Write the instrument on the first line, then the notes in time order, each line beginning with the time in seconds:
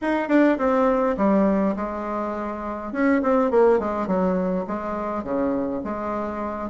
bassoon
0.01 D#4
0.28 D4
0.57 C4
1.17 G3
1.76 G#3
2.92 C#4
3.22 C4
3.50 A#3
3.79 G#3
4.07 F#3
4.67 G#3
5.23 C#3
5.84 G#3